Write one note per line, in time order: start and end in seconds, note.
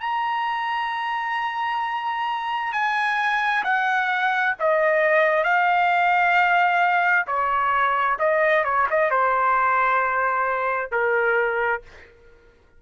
0.00 2.72 A#5
2.72 3.63 G#5
3.64 4.55 F#5
4.60 5.43 D#5
5.43 7.25 F5
7.26 8.17 C#5
8.19 8.64 D#5
8.64 8.87 C#5
8.90 9.10 D#5
9.10 10.91 C5
10.91 11.82 A#4